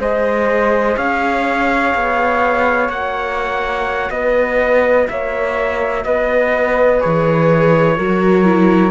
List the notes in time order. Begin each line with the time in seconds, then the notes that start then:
0.00 G#3 G#4 C5 D#5
0.97 C#4 C#5 F5
1.95 B3
2.90 A#3 F#4 F#5
4.11 B3 B4 D#5
5.09 A#3 C#5 E5
6.05 B3 B4 D#5
7.00 E3 G#4 C#5
7.98 F#3 F#4 A#4
8.45 E4